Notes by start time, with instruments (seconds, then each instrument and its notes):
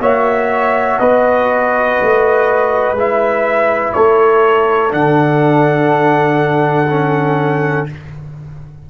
0.00 tuba A#3, trombone F#4, horn C#5, trumpet E5
0.99 tuba B3, horn B4, trumpet D#5
2.01 tuba A3
2.92 tuba G#3, trombone E4
2.99 trumpet E5
3.93 tuba A3, horn A4, trumpet C#5
4.90 tuba D3, trombone D4, trumpet F#5
6.90 trombone C#4